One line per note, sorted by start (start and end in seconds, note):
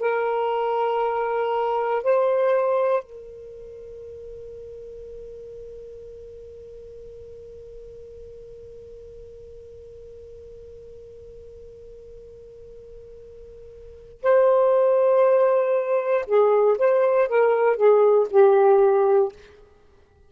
0.00 2.03 A#4
2.03 3.04 C5
3.04 14.22 A#4
14.22 16.26 C5
16.27 16.78 G#4
16.78 17.28 C5
17.28 17.76 A#4
17.76 18.27 G#4
18.31 19.32 G4